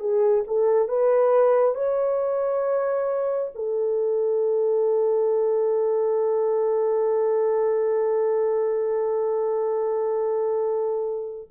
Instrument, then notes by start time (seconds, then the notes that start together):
horn
0.00 G#4
0.48 A4
0.89 B4
1.75 C#5
3.55 A4